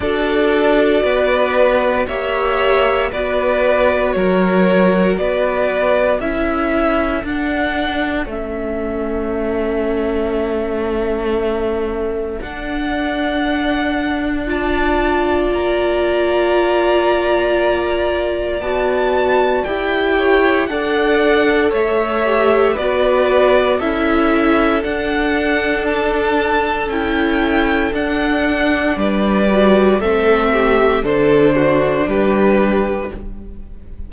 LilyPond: <<
  \new Staff \with { instrumentName = "violin" } { \time 4/4 \tempo 4 = 58 d''2 e''4 d''4 | cis''4 d''4 e''4 fis''4 | e''1 | fis''2 a''4 ais''4~ |
ais''2 a''4 g''4 | fis''4 e''4 d''4 e''4 | fis''4 a''4 g''4 fis''4 | d''4 e''4 c''4 b'4 | }
  \new Staff \with { instrumentName = "violin" } { \time 4/4 a'4 b'4 cis''4 b'4 | ais'4 b'4 a'2~ | a'1~ | a'2 d''2~ |
d''2.~ d''8 cis''8 | d''4 cis''4 b'4 a'4~ | a'1 | b'4 a'8 g'8 a'8 fis'8 g'4 | }
  \new Staff \with { instrumentName = "viola" } { \time 4/4 fis'2 g'4 fis'4~ | fis'2 e'4 d'4 | cis'1 | d'2 f'2~ |
f'2 fis'4 g'4 | a'4. g'8 fis'4 e'4 | d'2 e'4 d'4~ | d'8 fis'8 c'4 d'2 | }
  \new Staff \with { instrumentName = "cello" } { \time 4/4 d'4 b4 ais4 b4 | fis4 b4 cis'4 d'4 | a1 | d'2. ais4~ |
ais2 b4 e'4 | d'4 a4 b4 cis'4 | d'2 cis'4 d'4 | g4 a4 d4 g4 | }
>>